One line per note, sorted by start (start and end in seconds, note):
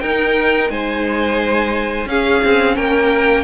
0.00 0.70 D#4
0.00 2.09 D#4
0.00 0.71 A#4
0.00 0.69 G5
0.70 2.06 G#3
0.70 2.09 C5
0.70 2.08 G#5
2.06 2.40 C#4
2.06 3.44 C#4
2.06 2.76 G#4
2.06 2.76 F5
2.45 2.78 C4
2.76 3.44 A#3
2.76 3.44 A#4
2.76 3.44 G5